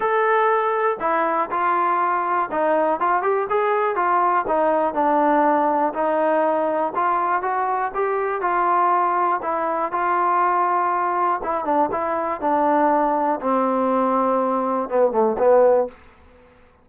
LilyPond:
\new Staff \with { instrumentName = "trombone" } { \time 4/4 \tempo 4 = 121 a'2 e'4 f'4~ | f'4 dis'4 f'8 g'8 gis'4 | f'4 dis'4 d'2 | dis'2 f'4 fis'4 |
g'4 f'2 e'4 | f'2. e'8 d'8 | e'4 d'2 c'4~ | c'2 b8 a8 b4 | }